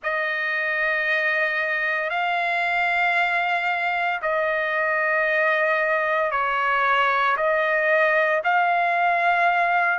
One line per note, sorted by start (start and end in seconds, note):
0.02 2.10 D#5
2.10 4.20 F5
4.22 6.31 D#5
6.31 7.36 C#5
7.36 8.42 D#5
8.44 9.99 F5